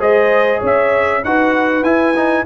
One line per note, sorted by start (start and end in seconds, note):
0.00 0.62 G#3
0.00 1.22 G#4
0.00 0.60 C5
0.00 0.63 D#5
0.60 1.24 C#4
0.60 1.21 C#5
0.66 1.24 E5
1.24 1.82 D#4
1.24 1.84 F#4
1.24 2.46 B4
1.24 1.84 F#5
1.82 2.43 E4
1.82 2.15 E4
1.82 2.45 G#5
2.16 2.46 D#4